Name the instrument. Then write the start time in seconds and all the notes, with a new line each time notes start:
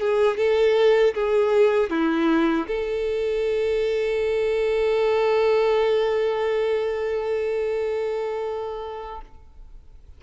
violin
0.00 G#4
0.37 A4
1.14 G#4
1.90 E4
2.67 A4